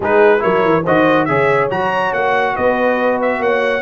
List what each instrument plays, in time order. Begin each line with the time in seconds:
0.00 tuba G#3, trombone D#4, horn G#4, trumpet B4
0.39 trombone E4, horn A#4, trumpet C#5
0.45 tuba F#3
0.64 tuba E3
0.84 tuba D#3, trombone F#4, horn C5, trumpet D#5
1.25 tuba C#3, trombone G#4, horn C#5, trumpet E5
1.70 tuba F#3, trombone F#4, trumpet A#5
2.13 tuba A#3, trumpet F#5
2.54 tuba B3, horn B4, trumpet D#5
3.21 trumpet E5
3.39 tuba A#3, horn C#5, trumpet F#5